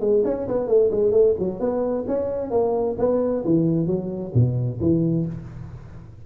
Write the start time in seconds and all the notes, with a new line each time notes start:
0.00 G#3
0.24 C#4
0.48 B3
0.67 A3
0.91 G#3
1.11 A3
1.39 F#3
1.60 B3
2.07 C#4
2.50 A#3
2.98 B3
3.44 E3
3.86 F#3
4.34 B2
4.80 E3